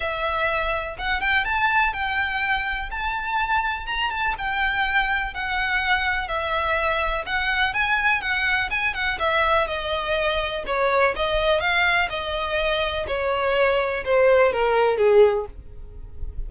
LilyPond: \new Staff \with { instrumentName = "violin" } { \time 4/4 \tempo 4 = 124 e''2 fis''8 g''8 a''4 | g''2 a''2 | ais''8 a''8 g''2 fis''4~ | fis''4 e''2 fis''4 |
gis''4 fis''4 gis''8 fis''8 e''4 | dis''2 cis''4 dis''4 | f''4 dis''2 cis''4~ | cis''4 c''4 ais'4 gis'4 | }